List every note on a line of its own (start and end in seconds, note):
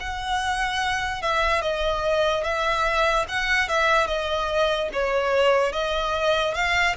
0.00 1.22 F#5
1.22 1.61 E5
1.61 2.44 D#5
2.44 3.26 E5
3.28 3.68 F#5
3.68 4.07 E5
4.07 4.89 D#5
4.93 5.72 C#5
5.72 6.55 D#5
6.55 6.96 F5